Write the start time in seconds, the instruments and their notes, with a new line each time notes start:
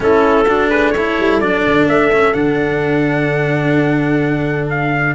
0.00 tuba A3, cello C#4, horn E4, trumpet A4
0.45 cello D4, horn F#4
0.70 horn G#4, trumpet B4
0.90 horn A4, trumpet C#5
0.97 cello E4
1.19 tuba G3
1.39 tuba F#3, cello D4, trumpet D5
1.66 tuba D3
1.86 tuba A3, trumpet E5
2.12 cello C#4
2.33 tuba D3, cello D4, trumpet F#5
4.69 trumpet F5